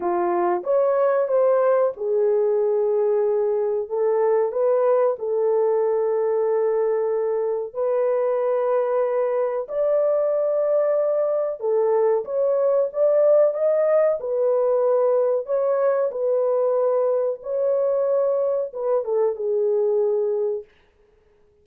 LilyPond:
\new Staff \with { instrumentName = "horn" } { \time 4/4 \tempo 4 = 93 f'4 cis''4 c''4 gis'4~ | gis'2 a'4 b'4 | a'1 | b'2. d''4~ |
d''2 a'4 cis''4 | d''4 dis''4 b'2 | cis''4 b'2 cis''4~ | cis''4 b'8 a'8 gis'2 | }